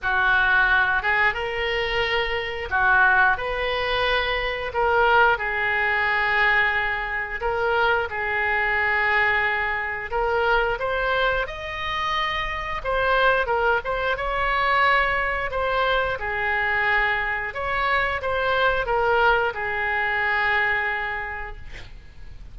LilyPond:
\new Staff \with { instrumentName = "oboe" } { \time 4/4 \tempo 4 = 89 fis'4. gis'8 ais'2 | fis'4 b'2 ais'4 | gis'2. ais'4 | gis'2. ais'4 |
c''4 dis''2 c''4 | ais'8 c''8 cis''2 c''4 | gis'2 cis''4 c''4 | ais'4 gis'2. | }